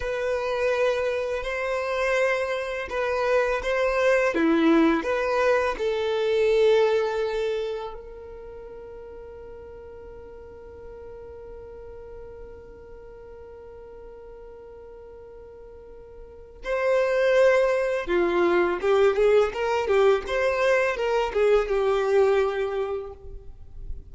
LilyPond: \new Staff \with { instrumentName = "violin" } { \time 4/4 \tempo 4 = 83 b'2 c''2 | b'4 c''4 e'4 b'4 | a'2. ais'4~ | ais'1~ |
ais'1~ | ais'2. c''4~ | c''4 f'4 g'8 gis'8 ais'8 g'8 | c''4 ais'8 gis'8 g'2 | }